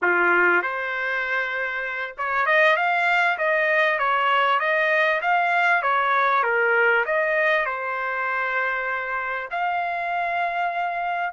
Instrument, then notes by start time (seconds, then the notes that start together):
trumpet
0.02 F4
0.62 C5
2.17 C#5
2.45 D#5
2.76 F5
3.38 D#5
3.99 C#5
4.59 D#5
5.21 F5
5.82 C#5
6.43 A#4
7.05 D#5
7.65 C5
9.50 F5